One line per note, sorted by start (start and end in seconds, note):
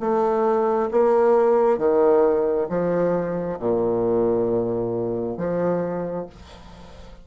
0.00 0.90 A3
0.91 1.78 A#3
1.78 2.67 D#3
2.69 3.59 F3
3.59 5.37 A#2
5.37 6.26 F3